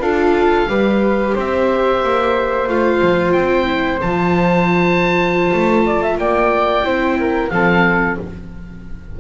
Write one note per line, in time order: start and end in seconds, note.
0.00 0.67 D4
0.00 0.69 F4
0.00 0.69 A4
0.00 1.35 F5
0.67 1.34 G3
0.67 2.68 G4
0.67 1.35 B4
1.35 2.04 C4
1.35 5.85 C5
1.35 2.69 E5
2.04 2.68 A#3
2.68 3.02 A3
2.68 3.65 F4
2.68 3.33 F5
3.02 3.35 F3
3.33 4.01 C4
3.33 3.99 G5
3.65 3.99 E4
4.02 5.52 F3
4.02 6.84 F4
4.02 6.18 A5
5.53 6.18 A3
5.86 6.03 D5
6.03 6.20 E5
6.18 6.84 A#3
6.18 6.86 D5
6.18 7.50 G5
6.84 7.50 C4
6.84 7.51 E4
6.84 7.19 C5
7.19 7.53 A#4
7.50 8.18 F3
7.50 8.20 C4
7.50 8.20 A4
7.50 8.17 F5